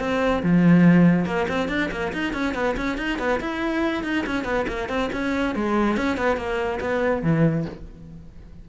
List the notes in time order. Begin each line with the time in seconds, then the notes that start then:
0.00 C4
0.43 F3
1.26 A#3
1.49 C4
1.69 D4
1.91 A#3
2.13 D#4
2.33 C#4
2.55 B3
2.77 C#4
2.98 D#4
3.19 B3
3.41 E4
4.04 D#4
4.26 C#4
4.45 B3
4.68 A#3
4.89 C4
5.13 C#4
5.56 G#3
5.97 C#4
6.17 B3
6.37 A#3
6.81 B3
7.23 E3